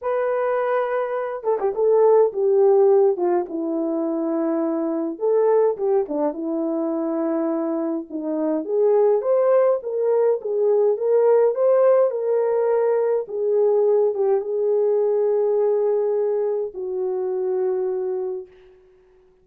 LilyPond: \new Staff \with { instrumentName = "horn" } { \time 4/4 \tempo 4 = 104 b'2~ b'8 a'16 g'16 a'4 | g'4. f'8 e'2~ | e'4 a'4 g'8 d'8 e'4~ | e'2 dis'4 gis'4 |
c''4 ais'4 gis'4 ais'4 | c''4 ais'2 gis'4~ | gis'8 g'8 gis'2.~ | gis'4 fis'2. | }